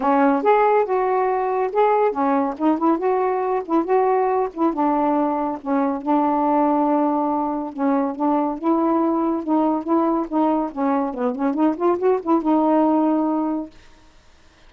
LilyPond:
\new Staff \with { instrumentName = "saxophone" } { \time 4/4 \tempo 4 = 140 cis'4 gis'4 fis'2 | gis'4 cis'4 dis'8 e'8 fis'4~ | fis'8 e'8 fis'4. e'8 d'4~ | d'4 cis'4 d'2~ |
d'2 cis'4 d'4 | e'2 dis'4 e'4 | dis'4 cis'4 b8 cis'8 dis'8 f'8 | fis'8 e'8 dis'2. | }